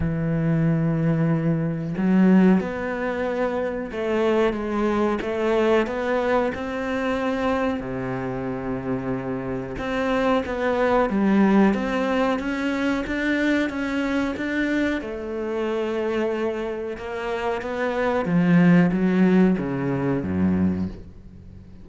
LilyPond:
\new Staff \with { instrumentName = "cello" } { \time 4/4 \tempo 4 = 92 e2. fis4 | b2 a4 gis4 | a4 b4 c'2 | c2. c'4 |
b4 g4 c'4 cis'4 | d'4 cis'4 d'4 a4~ | a2 ais4 b4 | f4 fis4 cis4 fis,4 | }